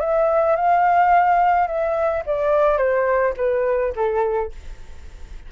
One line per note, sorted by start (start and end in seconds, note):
0.00 0.56 E5
0.56 1.67 F5
1.67 2.23 E5
2.26 2.78 D5
2.78 3.34 C5
3.37 3.93 B4
3.95 4.51 A4